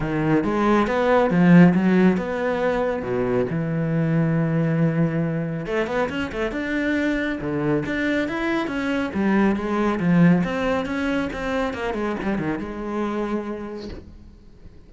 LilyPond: \new Staff \with { instrumentName = "cello" } { \time 4/4 \tempo 4 = 138 dis4 gis4 b4 f4 | fis4 b2 b,4 | e1~ | e4 a8 b8 cis'8 a8 d'4~ |
d'4 d4 d'4 e'4 | cis'4 g4 gis4 f4 | c'4 cis'4 c'4 ais8 gis8 | g8 dis8 gis2. | }